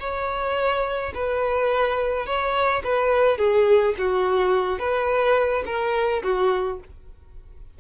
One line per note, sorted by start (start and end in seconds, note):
0.00 1.13 C#5
1.14 2.26 B4
2.26 2.83 C#5
2.84 3.38 B4
3.38 3.95 G#4
3.99 4.79 F#4
4.79 5.64 B4
5.66 6.23 A#4
6.23 6.80 F#4